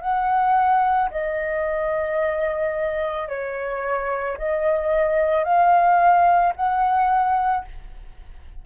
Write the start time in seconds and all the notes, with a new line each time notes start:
0.00 F#5
1.10 D#5
3.28 C#5
4.37 D#5
5.44 F5
6.56 F#5